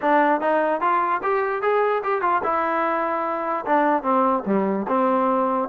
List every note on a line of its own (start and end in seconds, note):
0.01 0.40 D4
0.40 0.80 D#4
0.80 1.21 F4
1.23 1.62 G4
1.62 2.02 G#4
2.03 2.21 G4
2.21 2.41 F4
2.43 3.65 E4
3.65 4.02 D4
4.02 4.43 C4
4.46 4.86 G3
4.87 5.68 C4